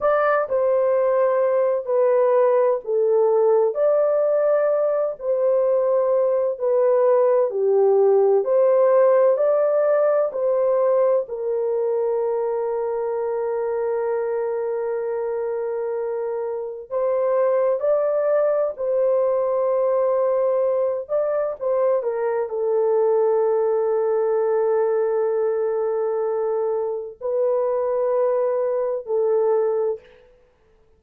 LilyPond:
\new Staff \with { instrumentName = "horn" } { \time 4/4 \tempo 4 = 64 d''8 c''4. b'4 a'4 | d''4. c''4. b'4 | g'4 c''4 d''4 c''4 | ais'1~ |
ais'2 c''4 d''4 | c''2~ c''8 d''8 c''8 ais'8 | a'1~ | a'4 b'2 a'4 | }